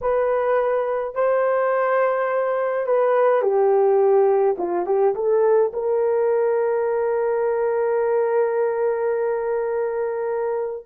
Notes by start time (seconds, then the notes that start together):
0.01 B4
1.15 C5
2.86 B4
3.41 G4
4.58 F4
4.85 G4
5.14 A4
5.73 A#4